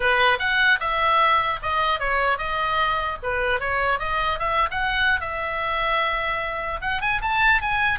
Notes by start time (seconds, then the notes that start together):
0.00 B4
0.39 F#5
0.80 E5
1.62 D#5
1.99 C#5
2.37 D#5
3.22 B4
3.60 C#5
3.99 D#5
4.39 E5
4.71 F#5
5.20 E5
6.81 F#5
7.01 G#5
7.21 A5
7.61 G#5